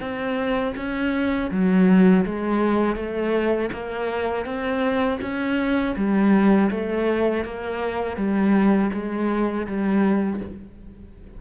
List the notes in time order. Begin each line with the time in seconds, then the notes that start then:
0.00 C4
0.76 C#4
1.51 F#3
2.25 G#3
2.95 A3
3.72 A#3
4.45 C4
5.21 C#4
5.96 G3
6.70 A3
7.44 A#3
8.16 G3
8.93 G#3
9.66 G3